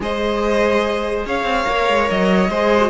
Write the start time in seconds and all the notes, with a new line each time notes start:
0.00 G#3 G#4 C5 D#5
1.25 C#4 C#5 F5
1.43 C4
1.64 A#3 A#4
1.89 G#3
2.10 F#3 D#5
2.49 G#3 G#4 C5
2.80 F#4